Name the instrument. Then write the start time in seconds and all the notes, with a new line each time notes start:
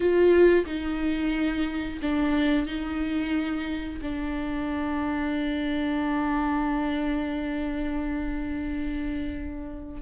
viola
0.00 F4
0.66 D#4
2.02 D4
2.66 D#4
4.02 D4